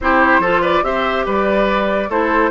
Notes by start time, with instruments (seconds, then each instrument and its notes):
0.00 bassoon C4, clarinet E4, oboe G4, flute C5
0.39 bassoon F3, clarinet F4, oboe A4
0.61 oboe B4, flute D5
0.82 bassoon C4, clarinet G4, oboe C5, flute E5
1.25 bassoon G3, oboe B4, flute D5
2.08 bassoon A3, clarinet E4, oboe A4, flute C5